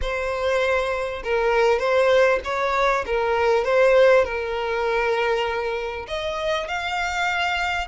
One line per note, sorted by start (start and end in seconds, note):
0.01 1.22 C5
1.23 1.79 A#4
1.79 2.39 C5
2.44 3.04 C#5
3.06 3.64 A#4
3.64 4.24 C5
4.24 6.06 A#4
6.07 6.68 D#5
6.68 7.87 F5